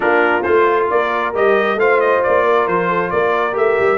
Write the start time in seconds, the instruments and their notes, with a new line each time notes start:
0.00 tuba A#3, trombone D4, horn F4, trumpet A#4
0.42 tuba A3, trombone F4, trumpet C5
0.90 tuba A#3, horn A#4, trumpet D5
1.34 tuba G3, trombone G4, trumpet D#5
1.75 tuba A3, trombone F4, horn C5, trumpet F5
2.00 trumpet D#5
2.23 tuba A#3, trumpet D5
2.44 horn A#4
2.67 tuba F3, trumpet C5
2.88 horn A4
3.10 tuba A#3, horn A#4, trumpet D5
3.52 tuba A3, trombone G4, trumpet E5
3.79 tuba G3